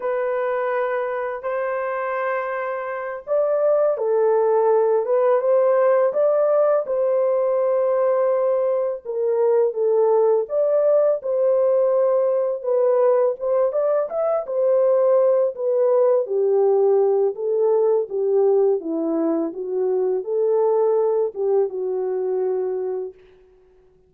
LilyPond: \new Staff \with { instrumentName = "horn" } { \time 4/4 \tempo 4 = 83 b'2 c''2~ | c''8 d''4 a'4. b'8 c''8~ | c''8 d''4 c''2~ c''8~ | c''8 ais'4 a'4 d''4 c''8~ |
c''4. b'4 c''8 d''8 e''8 | c''4. b'4 g'4. | a'4 g'4 e'4 fis'4 | a'4. g'8 fis'2 | }